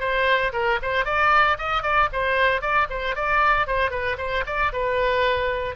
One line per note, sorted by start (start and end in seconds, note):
0.00 0.52 C5
0.53 0.79 A#4
0.82 1.06 C5
1.06 1.58 D5
1.58 1.83 D#5
1.83 2.09 D5
2.13 2.62 C5
2.62 2.88 D5
2.90 3.16 C5
3.16 3.67 D5
3.67 3.91 C5
3.91 4.17 B4
4.18 4.44 C5
4.46 4.72 D5
4.73 5.76 B4